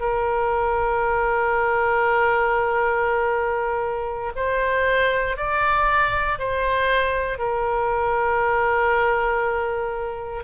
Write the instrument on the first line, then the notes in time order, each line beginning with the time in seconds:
oboe
0.00 A#4
4.35 C5
5.37 D5
6.38 C5
7.38 A#4